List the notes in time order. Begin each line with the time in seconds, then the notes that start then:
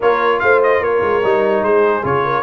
0.00 A#3 F4 A#4 C#5
0.39 A3 C5 F5
0.63 D#5
0.80 A#3 A#4 C#5
1.01 G#3
1.23 G3 D#4
1.62 G#3 G#4 C5
2.02 C#3 F4 C#5
2.24 A#4